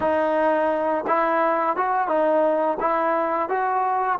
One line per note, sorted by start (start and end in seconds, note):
0.00 1.04 D#4
1.07 1.76 E4
1.76 2.07 F#4
2.07 2.77 D#4
2.80 3.49 E4
3.49 4.19 F#4